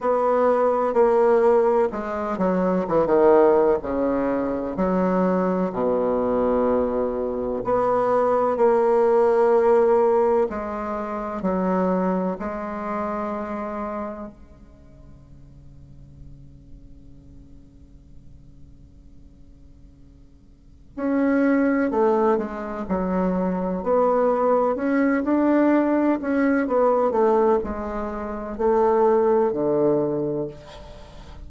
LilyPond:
\new Staff \with { instrumentName = "bassoon" } { \time 4/4 \tempo 4 = 63 b4 ais4 gis8 fis8 e16 dis8. | cis4 fis4 b,2 | b4 ais2 gis4 | fis4 gis2 cis4~ |
cis1~ | cis2 cis'4 a8 gis8 | fis4 b4 cis'8 d'4 cis'8 | b8 a8 gis4 a4 d4 | }